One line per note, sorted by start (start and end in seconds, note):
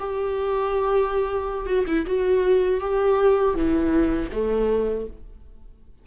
0.00 1.67 G4
1.67 1.85 F#4
1.88 2.06 E4
2.07 2.81 F#4
2.81 3.55 G4
3.55 4.30 E3
4.32 5.07 A3